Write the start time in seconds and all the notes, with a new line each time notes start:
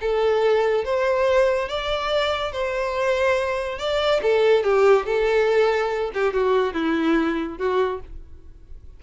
0.00 A4
0.84 C5
1.68 D5
2.52 C5
3.78 D5
4.22 A4
4.63 G4
5.05 A4
6.13 G4
6.33 F#4
6.73 E4
7.58 F#4